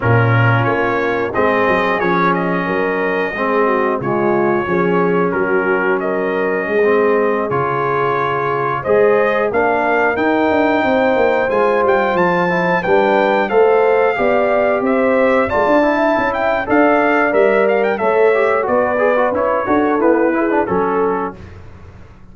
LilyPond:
<<
  \new Staff \with { instrumentName = "trumpet" } { \time 4/4 \tempo 4 = 90 ais'4 cis''4 dis''4 cis''8 dis''8~ | dis''2 cis''2 | ais'4 dis''2~ dis''16 cis''8.~ | cis''4~ cis''16 dis''4 f''4 g''8.~ |
g''4~ g''16 gis''8 g''8 a''4 g''8.~ | g''16 f''2 e''4 a''8.~ | a''8 g''8 f''4 e''8 f''16 g''16 e''4 | d''4 cis''4 b'4 a'4 | }
  \new Staff \with { instrumentName = "horn" } { \time 4/4 f'2 gis'2 | ais'4 gis'8 fis'8 f'4 gis'4 | fis'4 ais'4 gis'2~ | gis'4~ gis'16 c''4 ais'4.~ ais'16~ |
ais'16 c''2. b'8.~ | b'16 c''4 d''4 c''4 d''8. | e''4 d''2 cis''4 | b'4. a'4 gis'8 a'4 | }
  \new Staff \with { instrumentName = "trombone" } { \time 4/4 cis'2 c'4 cis'4~ | cis'4 c'4 gis4 cis'4~ | cis'2~ cis'16 c'4 f'8.~ | f'4~ f'16 gis'4 d'4 dis'8.~ |
dis'4~ dis'16 f'4. e'8 d'8.~ | d'16 a'4 g'2 f'8 e'16~ | e'4 a'4 ais'4 a'8 g'8 | fis'8 gis'16 fis'16 e'8 fis'8 b8 e'16 d'16 cis'4 | }
  \new Staff \with { instrumentName = "tuba" } { \time 4/4 ais,4 ais4 gis8 fis8 f4 | fis4 gis4 cis4 f4 | fis2 gis4~ gis16 cis8.~ | cis4~ cis16 gis4 ais4 dis'8 d'16~ |
d'16 c'8 ais8 gis8 g8 f4 g8.~ | g16 a4 b4 c'4 gis16 d'8~ | d'16 cis'8. d'4 g4 a4 | b4 cis'8 d'8 e'4 fis4 | }
>>